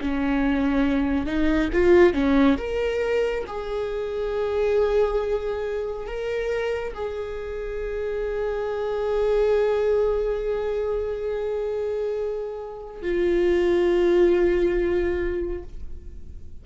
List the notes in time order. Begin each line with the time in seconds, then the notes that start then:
0.00 C#4
1.26 D#4
1.72 F4
2.13 C#4
2.57 A#4
3.47 G#4
6.06 A#4
6.94 G#4
13.02 F4